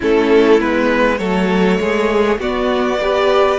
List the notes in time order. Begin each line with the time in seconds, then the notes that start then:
0.00 A3 C#4 E4 A4
0.59 G#3 B3 B4
1.18 F#3 A3 A4 C#5
1.79 G#3 G#4
2.38 B3 F#4 D5
3.00 G4 B4